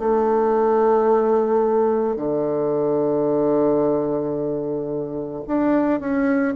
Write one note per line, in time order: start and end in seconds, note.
0.00 2.16 A3
2.16 5.43 D3
5.48 6.00 D4
6.00 6.55 C#4